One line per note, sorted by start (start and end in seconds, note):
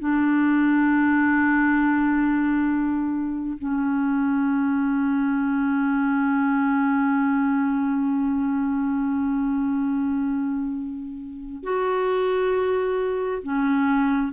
0.00 3.58 D4
3.59 11.63 C#4
11.63 13.42 F#4
13.43 14.33 C#4